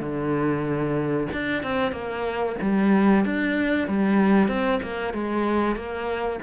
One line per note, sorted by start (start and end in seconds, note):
0.00 1.28 D3
1.33 1.63 D4
1.63 1.91 C4
1.91 2.55 A#3
2.61 3.24 G3
3.24 3.87 D4
3.87 4.48 G3
4.48 4.80 C4
4.82 5.13 A#3
5.13 5.75 G#3
5.75 6.39 A#3